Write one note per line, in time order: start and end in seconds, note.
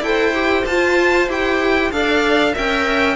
0.00 0.63 E4
0.00 0.34 A4
0.00 1.95 C5
0.00 0.65 G5
0.34 0.66 G4
0.65 1.28 F4
0.65 1.29 F4
0.65 1.28 A5
1.28 1.91 E4
1.28 1.92 G4
1.28 1.92 G5
1.91 2.55 D4
1.91 2.54 A4
1.91 2.52 D5
1.91 2.55 F5
2.52 3.16 C#4
2.52 3.16 A#4
2.52 3.16 E5
2.52 3.16 G5